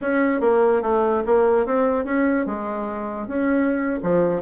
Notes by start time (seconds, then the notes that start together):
0.01 C#4
0.40 A#3
0.81 A3
1.26 A#3
1.66 C4
2.05 C#4
2.46 G#3
3.27 C#4
4.02 F3